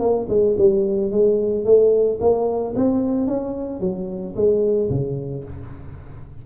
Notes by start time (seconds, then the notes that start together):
0.00 A#3
0.29 G#3
0.58 G3
1.11 G#3
1.65 A3
2.21 A#3
2.76 C4
3.28 C#4
3.81 F#3
4.36 G#3
4.90 C#3